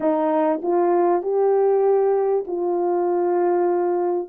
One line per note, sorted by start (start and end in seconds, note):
0.00 0.60 D#4
0.62 1.22 F4
1.22 2.45 G4
2.47 4.28 F4